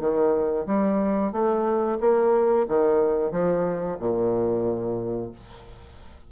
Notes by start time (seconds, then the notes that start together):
0.00 D#3
0.66 G3
1.32 A3
2.00 A#3
2.68 D#3
3.31 F3
3.99 A#2